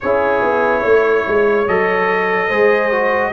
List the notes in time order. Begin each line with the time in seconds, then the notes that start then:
0.00 C#4 E4 G#4 C#5
0.41 B3
0.81 A3 C#5
1.27 G#3
1.67 F#3 A4 D#5
2.48 G#3 G#4 C5
2.91 F#4